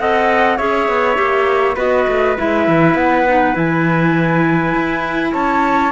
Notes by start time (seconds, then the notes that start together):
0.00 C4 A4 D#5 F#5
0.57 C#4 G#4 C#5 E5
0.89 B3
1.16 A#3 G4
1.76 B3 F#4 B4 D#5
2.08 A3
2.38 G#3 E4 E5
2.68 E3
2.95 B3 F#5
3.28 D#4
3.55 E3 E4 G#5
4.75 E4
5.33 C#4 C#5 A5